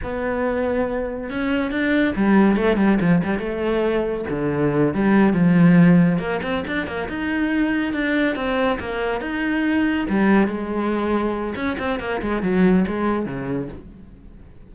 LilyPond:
\new Staff \with { instrumentName = "cello" } { \time 4/4 \tempo 4 = 140 b2. cis'4 | d'4 g4 a8 g8 f8 g8 | a2 d4. g8~ | g8 f2 ais8 c'8 d'8 |
ais8 dis'2 d'4 c'8~ | c'8 ais4 dis'2 g8~ | g8 gis2~ gis8 cis'8 c'8 | ais8 gis8 fis4 gis4 cis4 | }